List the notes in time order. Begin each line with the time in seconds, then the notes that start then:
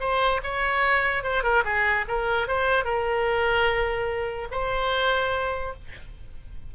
0.00 C5
0.43 C#5
1.23 C5
1.43 A#4
1.64 G#4
2.08 A#4
2.48 C5
2.85 A#4
4.51 C5